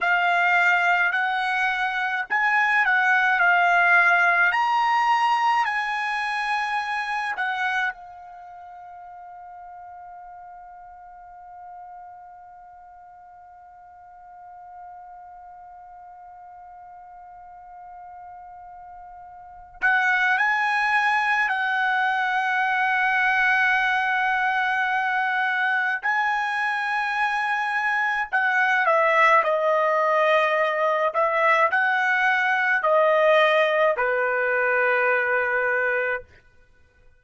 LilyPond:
\new Staff \with { instrumentName = "trumpet" } { \time 4/4 \tempo 4 = 53 f''4 fis''4 gis''8 fis''8 f''4 | ais''4 gis''4. fis''8 f''4~ | f''1~ | f''1~ |
f''4. fis''8 gis''4 fis''4~ | fis''2. gis''4~ | gis''4 fis''8 e''8 dis''4. e''8 | fis''4 dis''4 b'2 | }